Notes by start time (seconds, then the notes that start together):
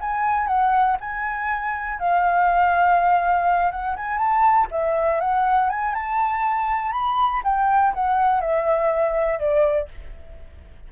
0.00 G#5
0.47 F#5
1.00 G#5
1.99 F5
3.71 F#5
3.96 G#5
4.17 A5
4.71 E5
5.20 F#5
5.69 G#5
5.94 A5
6.92 B5
7.44 G5
7.94 F#5
8.41 E5
9.39 D5